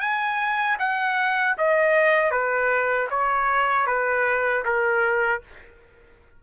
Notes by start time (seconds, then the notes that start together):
0.00 G#5
0.79 F#5
1.58 D#5
2.31 B4
3.10 C#5
3.87 B4
4.65 A#4